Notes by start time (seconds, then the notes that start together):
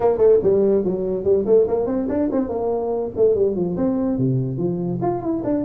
0.00 A#3
0.17 A3
0.43 G3
0.84 F#3
1.24 G3
1.46 A3
1.67 A#3
1.86 C4
2.09 D4
2.31 C4
2.48 A#3
3.16 A3
3.34 G3
3.55 F3
3.76 C4
4.18 C3
4.57 F3
5.01 F4
5.21 E4
5.43 D4